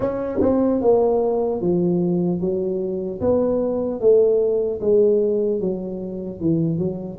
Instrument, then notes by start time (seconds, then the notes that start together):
tuba
0.00 C#4
0.41 C4
0.81 A#3
1.61 F3
2.40 F#3
3.20 B3
4.00 A3
4.80 G#3
5.60 F#3
6.40 E3
6.78 F#3